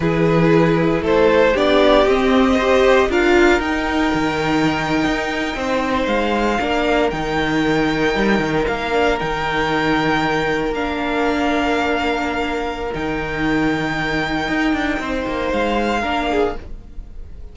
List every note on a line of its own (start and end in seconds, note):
0.00 1.01 E3
0.00 1.55 E4
0.00 1.03 G#4
0.00 1.04 B4
1.01 1.53 A3
1.01 1.54 A4
1.01 1.56 C5
1.54 2.06 B3
1.54 2.07 D4
1.54 2.55 G4
1.54 2.07 D5
2.06 3.09 C4
2.06 2.59 C4
2.06 3.11 D#5
2.55 3.10 G4
2.55 3.07 C5
3.09 3.59 D4
3.09 3.61 F4
3.09 5.56 A#4
3.09 3.60 F5
3.59 4.11 D#4
3.59 6.58 D#4
3.59 6.06 G5
4.13 5.04 D#3
5.06 5.55 D#4
5.55 6.06 C4
5.55 6.60 C5
6.06 6.58 G#3
6.06 7.10 F5
6.59 7.12 A#3
6.59 7.11 D4
6.59 15.01 A#4
7.10 8.15 D#3
7.10 8.91 D#4
7.10 8.65 G5
8.15 8.38 G3
8.38 8.64 D#3
8.67 9.19 A#3
8.67 9.18 F5
8.91 9.17 D4
9.19 10.70 D#3
9.19 10.73 D#4
9.19 10.73 G5
10.70 12.90 A#3
10.70 12.92 D4
10.70 12.93 F5
12.92 14.48 D#3
12.92 16.02 D#4
12.92 15.52 G5
14.48 14.72 D#4
14.72 14.98 D4
14.99 15.25 C4
14.99 16.00 C5
15.27 15.52 A#3
15.52 16.03 G#3
15.52 16.56 F5
16.00 16.55 A#3
16.00 16.53 D4
16.00 16.26 A#4
16.30 16.56 G#4